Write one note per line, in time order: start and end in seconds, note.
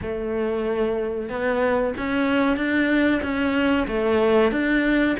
0.02 1.29 A3
1.29 1.93 B3
1.97 2.56 C#4
2.56 3.21 D4
3.22 3.87 C#4
3.87 4.51 A3
4.51 5.16 D4